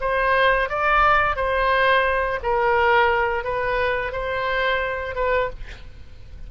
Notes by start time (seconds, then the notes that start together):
0.00 C5
0.69 D5
1.36 C5
2.42 A#4
3.44 B4
4.12 C5
5.15 B4